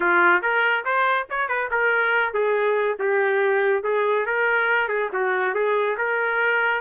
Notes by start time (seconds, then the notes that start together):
0.00 F4
0.42 A#4
0.84 C5
1.30 C#5
1.48 B4
1.70 A#4
2.33 G#4
2.99 G4
3.83 G#4
4.26 A#4
4.88 G#4
5.12 F#4
5.54 G#4
5.97 A#4